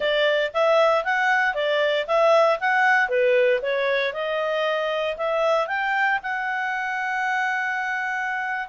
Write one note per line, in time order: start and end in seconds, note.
0.00 0.51 D5
0.53 1.04 E5
1.04 1.54 F#5
1.54 2.06 D5
2.07 2.59 E5
2.60 3.08 F#5
3.08 3.60 B4
3.62 4.13 C#5
4.13 5.16 D#5
5.17 5.67 E5
5.67 6.19 G5
6.22 8.68 F#5